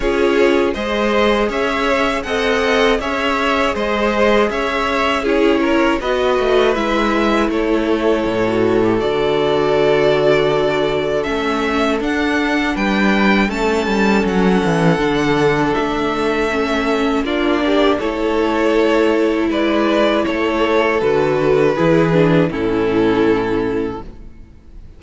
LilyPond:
<<
  \new Staff \with { instrumentName = "violin" } { \time 4/4 \tempo 4 = 80 cis''4 dis''4 e''4 fis''4 | e''4 dis''4 e''4 cis''4 | dis''4 e''4 cis''2 | d''2. e''4 |
fis''4 g''4 a''4 fis''4~ | fis''4 e''2 d''4 | cis''2 d''4 cis''4 | b'2 a'2 | }
  \new Staff \with { instrumentName = "violin" } { \time 4/4 gis'4 c''4 cis''4 dis''4 | cis''4 c''4 cis''4 gis'8 ais'8 | b'2 a'2~ | a'1~ |
a'4 b'4 a'2~ | a'2. f'8 g'8 | a'2 b'4 a'4~ | a'4 gis'4 e'2 | }
  \new Staff \with { instrumentName = "viola" } { \time 4/4 f'4 gis'2 a'4 | gis'2. e'4 | fis'4 e'2~ e'16 fis'8 g'16 | fis'2. cis'4 |
d'2 cis'2 | d'2 cis'4 d'4 | e'1 | fis'4 e'8 d'8 cis'2 | }
  \new Staff \with { instrumentName = "cello" } { \time 4/4 cis'4 gis4 cis'4 c'4 | cis'4 gis4 cis'2 | b8 a8 gis4 a4 a,4 | d2. a4 |
d'4 g4 a8 g8 fis8 e8 | d4 a2 ais4 | a2 gis4 a4 | d4 e4 a,2 | }
>>